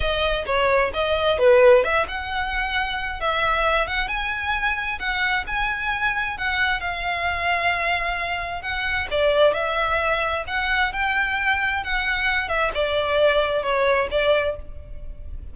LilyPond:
\new Staff \with { instrumentName = "violin" } { \time 4/4 \tempo 4 = 132 dis''4 cis''4 dis''4 b'4 | e''8 fis''2~ fis''8 e''4~ | e''8 fis''8 gis''2 fis''4 | gis''2 fis''4 f''4~ |
f''2. fis''4 | d''4 e''2 fis''4 | g''2 fis''4. e''8 | d''2 cis''4 d''4 | }